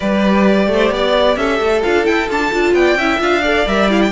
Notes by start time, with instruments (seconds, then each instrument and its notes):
0.00 cello G3, viola G4, violin B4 D5
0.68 cello A3, violin C5
0.90 cello B3, violin D5
1.35 cello C#4, violin A4 E5
1.60 cello A3
1.83 cello D4, viola F4, violin F5
2.04 viola E4, cello E4, violin G5
2.28 viola D4, cello F4, violin A5
2.52 cello D4, viola F4
2.73 cello B3, violin D5 G5
2.95 cello C#4, viola E4, violin E5
3.19 cello D4, viola F4, violin F5
3.42 viola A4, violin D5
3.66 cello G3, viola A#4, violin E5
3.89 viola E4, violin F5
4.01 violin G5